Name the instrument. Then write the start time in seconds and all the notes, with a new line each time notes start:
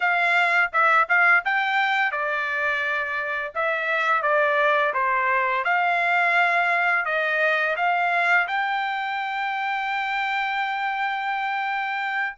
trumpet
0.00 F5
0.72 E5
1.08 F5
1.44 G5
2.11 D5
3.54 E5
4.22 D5
4.93 C5
5.64 F5
7.05 D#5
7.76 F5
8.47 G5